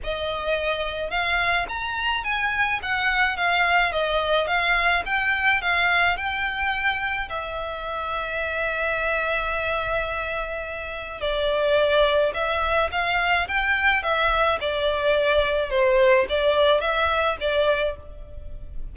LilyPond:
\new Staff \with { instrumentName = "violin" } { \time 4/4 \tempo 4 = 107 dis''2 f''4 ais''4 | gis''4 fis''4 f''4 dis''4 | f''4 g''4 f''4 g''4~ | g''4 e''2.~ |
e''1 | d''2 e''4 f''4 | g''4 e''4 d''2 | c''4 d''4 e''4 d''4 | }